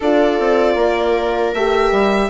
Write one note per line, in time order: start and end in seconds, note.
0.00 0.39 D4
0.00 1.56 F4
0.00 0.75 A4
0.00 1.54 D5
0.39 0.75 C4
0.75 1.52 A#3
0.75 2.29 A#4
1.54 1.91 A3
1.54 2.29 G4
1.54 2.29 E5
1.91 2.29 G3